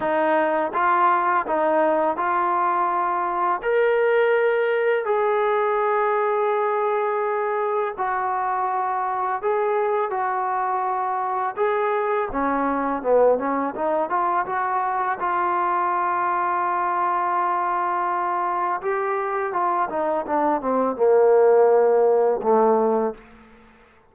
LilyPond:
\new Staff \with { instrumentName = "trombone" } { \time 4/4 \tempo 4 = 83 dis'4 f'4 dis'4 f'4~ | f'4 ais'2 gis'4~ | gis'2. fis'4~ | fis'4 gis'4 fis'2 |
gis'4 cis'4 b8 cis'8 dis'8 f'8 | fis'4 f'2.~ | f'2 g'4 f'8 dis'8 | d'8 c'8 ais2 a4 | }